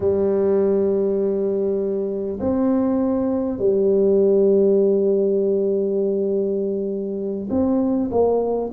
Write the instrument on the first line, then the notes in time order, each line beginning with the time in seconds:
tuba
0.00 G3
2.40 C4
3.58 G3
7.50 C4
8.10 A#3